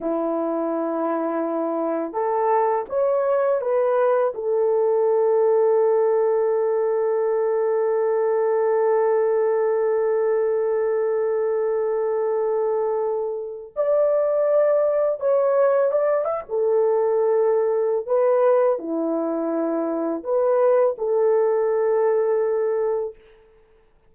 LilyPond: \new Staff \with { instrumentName = "horn" } { \time 4/4 \tempo 4 = 83 e'2. a'4 | cis''4 b'4 a'2~ | a'1~ | a'1~ |
a'2. d''4~ | d''4 cis''4 d''8 e''16 a'4~ a'16~ | a'4 b'4 e'2 | b'4 a'2. | }